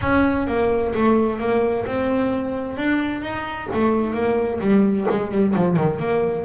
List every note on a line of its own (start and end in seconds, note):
0.01 0.47 C#4
0.47 0.93 A#3
0.94 1.39 A3
1.39 1.85 A#3
1.86 2.77 C4
2.77 3.22 D4
3.22 3.68 D#4
3.73 4.13 A3
4.13 4.59 A#3
4.60 5.06 G3
5.09 5.31 G#3
5.31 5.54 G3
5.55 5.76 F3
5.76 5.99 D#3
5.99 6.44 A#3